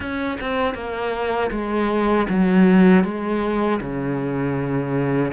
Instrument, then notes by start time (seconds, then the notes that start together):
cello
0.00 C#4
0.40 C4
0.74 A#3
1.50 G#3
2.29 F#3
3.03 G#3
3.80 C#3